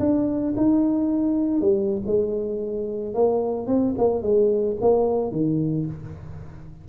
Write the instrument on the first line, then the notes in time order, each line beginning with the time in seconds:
tuba
0.00 D4
0.57 D#4
1.61 G3
2.07 G#3
3.15 A#3
3.68 C4
3.98 A#3
4.23 G#3
4.81 A#3
5.32 D#3